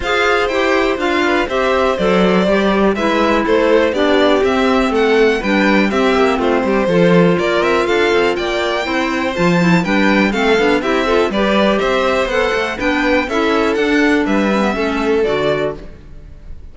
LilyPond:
<<
  \new Staff \with { instrumentName = "violin" } { \time 4/4 \tempo 4 = 122 f''4 g''4 f''4 e''4 | d''2 e''4 c''4 | d''4 e''4 fis''4 g''4 | e''4 c''2 d''8 e''8 |
f''4 g''2 a''4 | g''4 f''4 e''4 d''4 | e''4 fis''4 g''4 e''4 | fis''4 e''2 d''4 | }
  \new Staff \with { instrumentName = "violin" } { \time 4/4 c''2~ c''8 b'8 c''4~ | c''2 b'4 a'4 | g'2 a'4 b'4 | g'4 f'8 g'8 a'4 ais'4 |
a'4 d''4 c''2 | b'4 a'4 g'8 a'8 b'4 | c''2 b'4 a'4~ | a'4 b'4 a'2 | }
  \new Staff \with { instrumentName = "clarinet" } { \time 4/4 gis'4 g'4 f'4 g'4 | a'4 g'4 e'2 | d'4 c'2 d'4 | c'2 f'2~ |
f'2 e'4 f'8 e'8 | d'4 c'8 d'8 e'8 f'8 g'4~ | g'4 a'4 d'4 e'4 | d'4. cis'16 b16 cis'4 fis'4 | }
  \new Staff \with { instrumentName = "cello" } { \time 4/4 f'4 e'4 d'4 c'4 | fis4 g4 gis4 a4 | b4 c'4 a4 g4 | c'8 ais8 a8 g8 f4 ais8 c'8 |
d'8 c'8 ais4 c'4 f4 | g4 a8 b8 c'4 g4 | c'4 b8 a8 b4 cis'4 | d'4 g4 a4 d4 | }
>>